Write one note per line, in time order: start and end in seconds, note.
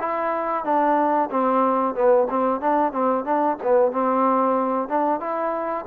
0.00 0.65 E4
0.65 1.30 D4
1.31 1.95 C4
1.95 2.28 B3
2.30 2.61 C4
2.61 2.92 D4
2.92 3.25 C4
3.25 3.57 D4
3.63 3.92 B3
3.92 4.89 C4
4.89 5.20 D4
5.20 5.85 E4